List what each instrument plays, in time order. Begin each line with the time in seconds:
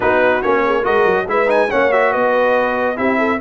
0.00 tuba B3, trombone D#4, horn F#4, trumpet B4
0.42 tuba A#3, trombone C#4, trumpet C#5
0.65 horn G#4
0.82 tuba G#3, trombone F#4, horn A#4, trumpet D#5
1.05 tuba F#3
1.26 tuba G#3, trombone E4, horn B4, trumpet E5
1.46 trombone D#4, trumpet G#5
1.69 tuba A#3, trombone C#4, horn C#5, trumpet F#5
1.92 trombone F#4, trumpet E5
2.12 tuba B3, horn B4, trumpet D#5
2.96 tuba C4, trombone E4, horn G4, trumpet E5
3.18 horn A4